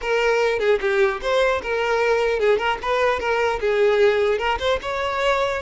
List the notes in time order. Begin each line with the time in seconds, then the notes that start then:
0.01 A#4
0.59 G#4
0.80 G4
1.21 C5
1.62 A#4
2.39 G#4
2.58 A#4
2.82 B4
3.19 A#4
3.60 G#4
4.38 A#4
4.59 C5
4.81 C#5